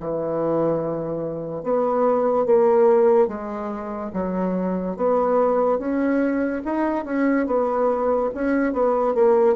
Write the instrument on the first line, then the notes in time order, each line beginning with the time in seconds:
bassoon
0.00 E3
1.64 B3
2.46 A#3
3.28 G#3
4.14 F#3
4.97 B3
5.79 C#4
6.65 D#4
7.05 C#4
7.47 B3
8.35 C#4
8.73 B3
9.15 A#3